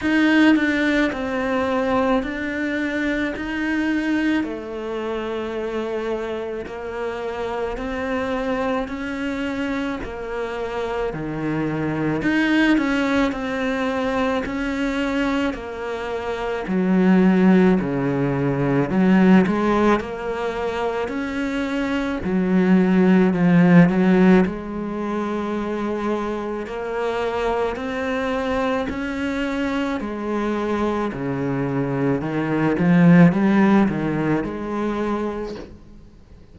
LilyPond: \new Staff \with { instrumentName = "cello" } { \time 4/4 \tempo 4 = 54 dis'8 d'8 c'4 d'4 dis'4 | a2 ais4 c'4 | cis'4 ais4 dis4 dis'8 cis'8 | c'4 cis'4 ais4 fis4 |
cis4 fis8 gis8 ais4 cis'4 | fis4 f8 fis8 gis2 | ais4 c'4 cis'4 gis4 | cis4 dis8 f8 g8 dis8 gis4 | }